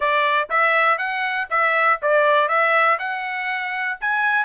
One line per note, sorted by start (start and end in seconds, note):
0.00 0.48 D5
0.49 0.98 E5
0.98 1.47 F#5
1.50 1.99 E5
2.02 2.48 D5
2.48 2.98 E5
2.98 3.97 F#5
4.00 4.44 G#5